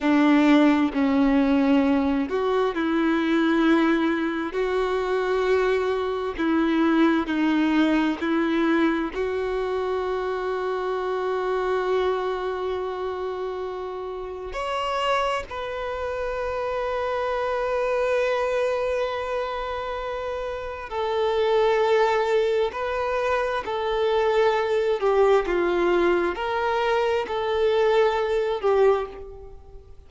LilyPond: \new Staff \with { instrumentName = "violin" } { \time 4/4 \tempo 4 = 66 d'4 cis'4. fis'8 e'4~ | e'4 fis'2 e'4 | dis'4 e'4 fis'2~ | fis'1 |
cis''4 b'2.~ | b'2. a'4~ | a'4 b'4 a'4. g'8 | f'4 ais'4 a'4. g'8 | }